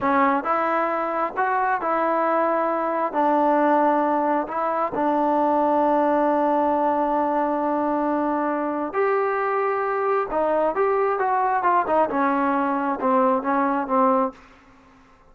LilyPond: \new Staff \with { instrumentName = "trombone" } { \time 4/4 \tempo 4 = 134 cis'4 e'2 fis'4 | e'2. d'4~ | d'2 e'4 d'4~ | d'1~ |
d'1 | g'2. dis'4 | g'4 fis'4 f'8 dis'8 cis'4~ | cis'4 c'4 cis'4 c'4 | }